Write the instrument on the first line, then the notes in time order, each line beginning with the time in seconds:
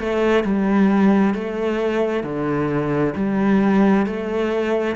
cello
0.00 A3
0.45 G3
1.35 A3
2.24 D3
3.16 G3
4.07 A3